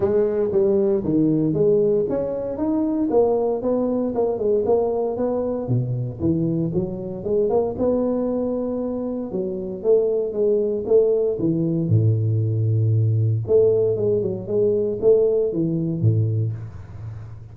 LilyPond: \new Staff \with { instrumentName = "tuba" } { \time 4/4 \tempo 4 = 116 gis4 g4 dis4 gis4 | cis'4 dis'4 ais4 b4 | ais8 gis8 ais4 b4 b,4 | e4 fis4 gis8 ais8 b4~ |
b2 fis4 a4 | gis4 a4 e4 a,4~ | a,2 a4 gis8 fis8 | gis4 a4 e4 a,4 | }